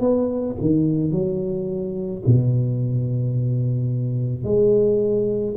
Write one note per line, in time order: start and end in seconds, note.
0.00 0.56 B3
0.61 1.12 D#3
1.12 2.23 F#3
2.27 4.44 B2
4.44 5.56 G#3